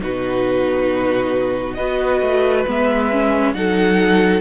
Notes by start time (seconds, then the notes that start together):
0.00 B2 D#4 F#4 B4
1.74 B3 F#4 B4 D#5
2.21 A3
2.67 G#3 B3 E5
3.11 C#4
3.54 F#3 D#4 A4 F#5